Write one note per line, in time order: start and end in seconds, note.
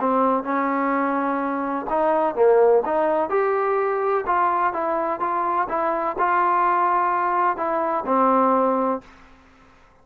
0.00 0.44 C4
0.44 1.87 C#4
1.90 2.35 D#4
2.35 2.83 A#3
2.85 3.30 D#4
3.30 4.25 G4
4.26 4.73 F4
4.73 5.20 E4
5.20 5.68 F4
5.69 6.17 E4
6.19 7.57 F4
7.57 8.05 E4
8.06 9.02 C4